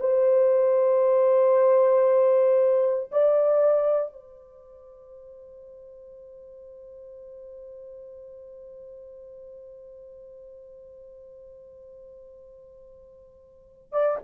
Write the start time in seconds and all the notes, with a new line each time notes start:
0.00 C5
3.11 D5
4.12 C5
13.92 D5